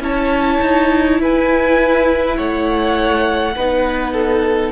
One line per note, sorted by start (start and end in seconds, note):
0.00 0.59 C#4
0.00 3.53 E4
0.00 1.21 C#5
0.00 1.21 A5
0.61 1.20 D#4
1.20 2.37 E4
1.20 2.37 B4
1.20 2.37 G#5
2.37 3.56 A3
2.37 3.55 C#5
2.37 4.72 F#5
3.55 4.72 B3
3.55 4.72 D#4
3.55 4.13 B4
4.13 4.72 A4